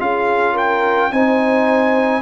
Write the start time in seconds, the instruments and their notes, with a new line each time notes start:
0.00 tuba C#4, trombone F4, horn G#4, trumpet F5
0.53 horn A#4, trumpet G5
1.12 tuba C4, trombone D#4, horn C5, trumpet G#5